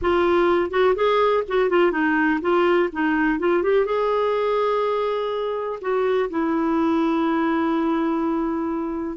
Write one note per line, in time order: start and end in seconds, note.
0.01 0.70 F4
0.70 0.94 F#4
0.95 1.43 G#4
1.48 1.69 F#4
1.69 1.91 F4
1.91 2.40 D#4
2.41 2.89 F4
2.92 3.39 D#4
3.39 3.62 F4
3.62 3.85 G4
3.85 5.79 G#4
5.81 6.29 F#4
6.30 9.17 E4